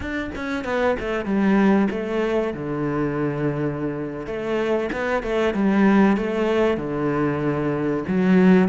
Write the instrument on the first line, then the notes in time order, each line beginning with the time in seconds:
cello
0.00 D4
0.35 C#4
0.64 B3
0.99 A3
1.25 G3
1.90 A3
2.53 D3
4.26 A3
4.92 B3
5.22 A3
5.53 G3
6.16 A3
6.77 D3
8.07 F#3